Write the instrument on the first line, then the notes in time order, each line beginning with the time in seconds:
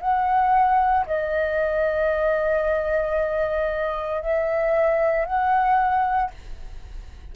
flute
0.00 F#5
1.06 D#5
4.22 E5
5.25 F#5